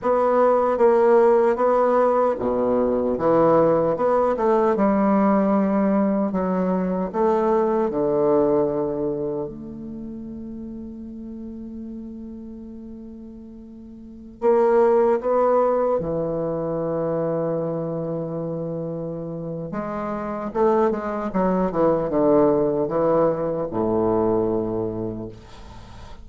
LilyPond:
\new Staff \with { instrumentName = "bassoon" } { \time 4/4 \tempo 4 = 76 b4 ais4 b4 b,4 | e4 b8 a8 g2 | fis4 a4 d2 | a1~ |
a2~ a16 ais4 b8.~ | b16 e2.~ e8.~ | e4 gis4 a8 gis8 fis8 e8 | d4 e4 a,2 | }